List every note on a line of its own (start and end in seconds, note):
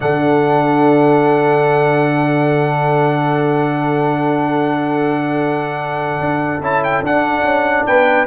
0.00 6.19 D3
0.00 6.58 D4
0.00 7.86 A4
0.00 6.62 F#5
6.19 6.60 D4
6.60 7.01 C#4
6.60 7.03 E4
6.60 6.83 A5
6.83 7.04 G5
7.02 7.42 D4
7.02 8.26 D4
7.02 7.86 F#5
7.42 7.84 C#4
7.86 8.26 B3
7.86 8.26 B4
7.86 8.26 G5